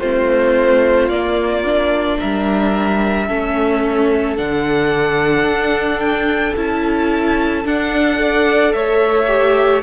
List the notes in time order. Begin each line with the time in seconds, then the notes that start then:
0.00 A3 C4 F4 C5
1.09 A#3 D5
1.65 D4
2.19 G3 A#4 E5
3.27 A3 C#4 A4
4.37 D3 D4 F#5
5.44 D4
6.00 G5
6.56 C#4 E4 A5
7.65 D4 F#5
8.16 A4 D5
8.73 A3 C#5 E5
9.27 G4